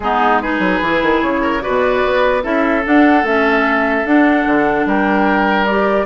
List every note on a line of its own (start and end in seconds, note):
0.00 0.59 G#3
0.00 0.43 B3
0.00 0.42 D#4
0.00 0.40 G#4
0.40 0.83 D#4
0.40 1.41 G#4
0.40 1.21 B4
0.59 0.79 F#3
0.81 1.02 E3
0.81 1.60 E4
1.02 1.22 D#3
1.22 1.62 C#3
1.22 1.62 C#5
1.41 1.62 A#4
1.60 2.41 F#4
1.60 2.43 B4
1.60 2.43 D5
1.67 2.05 B2
2.05 2.44 B3
2.42 2.84 C#4
2.42 2.83 E4
2.42 4.86 A4
2.42 2.84 E5
2.84 3.24 D4
2.84 3.23 D4
2.84 3.26 F#5
3.23 4.04 A3
3.23 4.05 C#4
3.23 4.06 E5
4.05 4.45 D4
4.05 5.67 D4
4.05 4.87 F#5
4.46 4.85 D3
4.85 6.06 G3
4.85 6.06 A#4
4.85 5.66 G5
5.66 6.06 G4
5.66 6.06 D5